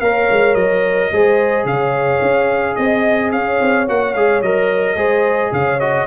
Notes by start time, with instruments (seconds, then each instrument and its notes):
0.00 tuba A#3, trombone A#4, horn C#5, trumpet F5
0.31 tuba G#3
0.54 tuba F#3, trumpet D#5
1.11 tuba G#3, trombone G#4, horn C5
1.64 tuba C#3, horn C#5, trumpet F5
2.21 tuba C#4
2.75 tuba C4, trumpet D#5, horn D#5
3.32 tuba C#4, horn C#5, trumpet F5
3.61 tuba C4
3.87 tuba A#3, trombone F#4, trumpet F#5
4.14 tuba G#3, trombone G#4, trumpet F5
4.42 tuba F#3, trombone A#4, trumpet D#5
4.95 tuba G#3, trombone G#4, horn C5
5.52 tuba C#3, horn C#5, trumpet F5
5.80 trombone F#4, trumpet D#5